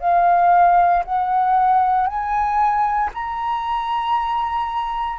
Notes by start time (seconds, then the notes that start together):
0.00 F5
1.04 F#5
2.07 G#5
3.14 A#5